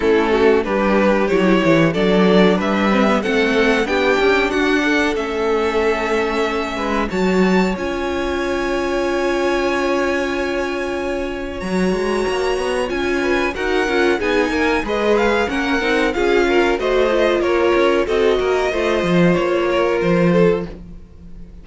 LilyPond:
<<
  \new Staff \with { instrumentName = "violin" } { \time 4/4 \tempo 4 = 93 a'4 b'4 cis''4 d''4 | e''4 fis''4 g''4 fis''4 | e''2. a''4 | gis''1~ |
gis''2 ais''2 | gis''4 fis''4 gis''4 dis''8 f''8 | fis''4 f''4 dis''4 cis''4 | dis''2 cis''4 c''4 | }
  \new Staff \with { instrumentName = "violin" } { \time 4/4 e'8 fis'8 g'2 a'4 | b'4 a'4 g'4 fis'8 a'8~ | a'2~ a'8 b'8 cis''4~ | cis''1~ |
cis''1~ | cis''8 b'8 ais'4 gis'8 ais'8 b'4 | ais'4 gis'8 ais'8 c''4 ais'4 | a'8 ais'8 c''4. ais'4 a'8 | }
  \new Staff \with { instrumentName = "viola" } { \time 4/4 cis'4 d'4 e'4 d'4~ | d'8 c'16 b16 c'4 d'2 | cis'2. fis'4 | f'1~ |
f'2 fis'2 | f'4 fis'8 f'8 dis'4 gis'4 | cis'8 dis'8 f'4 fis'8 f'4. | fis'4 f'2. | }
  \new Staff \with { instrumentName = "cello" } { \time 4/4 a4 g4 fis8 e8 fis4 | g4 a4 b8 cis'8 d'4 | a2~ a8 gis8 fis4 | cis'1~ |
cis'2 fis8 gis8 ais8 b8 | cis'4 dis'8 cis'8 b8 ais8 gis4 | ais8 c'8 cis'4 a4 ais8 cis'8 | c'8 ais8 a8 f8 ais4 f4 | }
>>